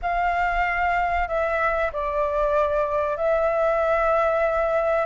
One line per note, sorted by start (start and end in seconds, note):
0.01 1.28 F5
1.28 1.91 E5
1.92 3.16 D5
3.16 5.05 E5